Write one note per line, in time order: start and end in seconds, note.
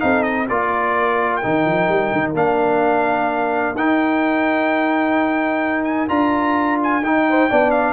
0.00 0.50 C4
0.00 0.47 D#4
0.00 0.48 A4
0.00 0.24 F5
0.24 0.47 D#5
0.48 1.44 A#3
0.48 1.43 F4
0.48 7.28 A#4
0.48 1.37 D5
1.37 2.36 D#4
1.37 2.31 G5
1.45 1.66 D#3
1.66 1.89 F3
1.89 2.12 G3
2.13 2.34 D#3
2.34 3.75 A#3
2.34 3.76 D4
2.34 3.77 F5
3.75 6.09 D#4
3.75 5.85 G5
5.85 6.08 G#5
6.09 7.03 D4
6.09 7.03 F4
6.09 6.80 A#5
6.84 7.05 G#5
7.03 7.50 D#4
7.03 7.51 D#4
7.03 7.71 G5
7.30 7.50 C5
7.50 7.93 B3
7.50 7.93 D4
7.50 7.93 D5
7.71 7.93 F5